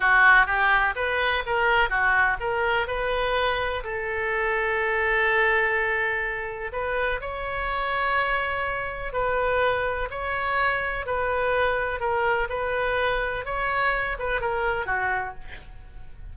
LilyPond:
\new Staff \with { instrumentName = "oboe" } { \time 4/4 \tempo 4 = 125 fis'4 g'4 b'4 ais'4 | fis'4 ais'4 b'2 | a'1~ | a'2 b'4 cis''4~ |
cis''2. b'4~ | b'4 cis''2 b'4~ | b'4 ais'4 b'2 | cis''4. b'8 ais'4 fis'4 | }